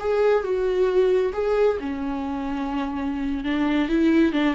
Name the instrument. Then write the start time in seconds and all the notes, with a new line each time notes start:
viola
0.00 G#4
0.44 F#4
1.33 G#4
1.80 C#4
3.44 D4
3.89 E4
4.33 D4